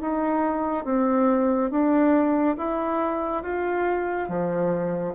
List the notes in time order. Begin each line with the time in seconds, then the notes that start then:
0.00 D#4
0.84 C4
1.70 D4
2.57 E4
3.42 F4
4.28 F3